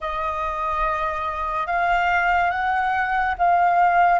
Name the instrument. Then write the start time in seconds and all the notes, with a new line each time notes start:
flute
0.00 D#5
1.67 F5
2.50 F#5
3.38 F5